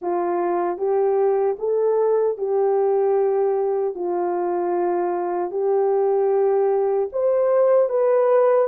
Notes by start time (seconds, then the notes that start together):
0.01 F4
0.77 G4
1.59 A4
2.37 G4
3.94 F4
5.50 G4
7.12 C5
7.89 B4